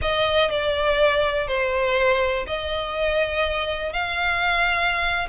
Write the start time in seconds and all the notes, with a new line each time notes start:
0.01 D#5
0.50 D5
1.47 C5
2.46 D#5
3.93 F5